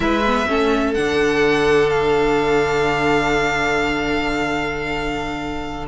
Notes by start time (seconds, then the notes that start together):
0.00 G#3 E4 B4 E5
0.26 B3
0.47 A3 C#4 A4
0.94 D3 D4 F#5
1.89 F5